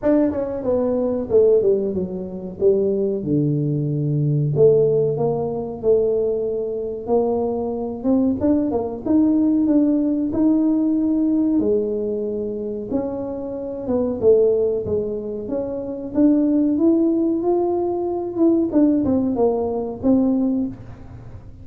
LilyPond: \new Staff \with { instrumentName = "tuba" } { \time 4/4 \tempo 4 = 93 d'8 cis'8 b4 a8 g8 fis4 | g4 d2 a4 | ais4 a2 ais4~ | ais8 c'8 d'8 ais8 dis'4 d'4 |
dis'2 gis2 | cis'4. b8 a4 gis4 | cis'4 d'4 e'4 f'4~ | f'8 e'8 d'8 c'8 ais4 c'4 | }